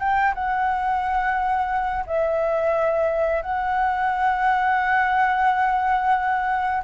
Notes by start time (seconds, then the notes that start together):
0.00 G5
0.35 F#5
2.07 E5
3.42 F#5